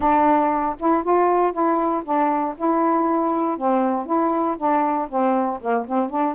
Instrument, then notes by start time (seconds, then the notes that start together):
saxophone
0.00 D4
0.79 E4
1.03 F4
1.52 E4
2.04 D4
2.57 E4
3.57 C4
4.05 E4
4.57 D4
5.09 C4
5.61 A#3
5.88 C4
6.09 D4